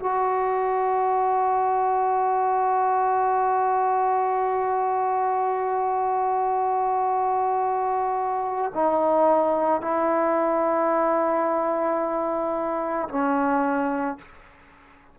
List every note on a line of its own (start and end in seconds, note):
0.00 8.73 F#4
8.75 9.81 D#4
9.81 13.09 E4
13.09 14.18 C#4